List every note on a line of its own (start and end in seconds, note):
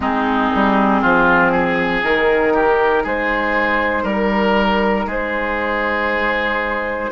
0.00 0.49 G#3
0.00 2.03 C4
0.00 1.01 D#4
0.00 2.04 G#4
0.54 1.03 G3
1.01 2.03 F3
1.01 1.51 F4
1.51 2.53 G#4
2.03 3.04 D#3
2.03 7.11 D#4
2.03 3.05 A#4
2.53 3.03 G4
3.03 4.03 G#3
3.03 4.03 G#4
3.03 4.07 C5
4.03 5.05 G3
4.03 5.05 A#4
4.03 5.09 A#4
5.06 7.09 G#3
5.06 7.10 G#4
5.06 7.11 C5